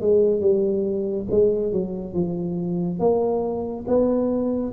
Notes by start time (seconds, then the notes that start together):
0.00 G#3
0.41 G3
1.31 G#3
1.72 F#3
2.14 F3
2.99 A#3
3.87 B3